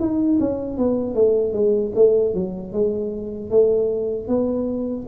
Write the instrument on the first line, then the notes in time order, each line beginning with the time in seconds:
tuba
0.00 D#4
0.40 C#4
0.78 B3
1.15 A3
1.53 G#3
1.95 A3
2.34 F#3
2.73 G#3
3.50 A3
4.28 B3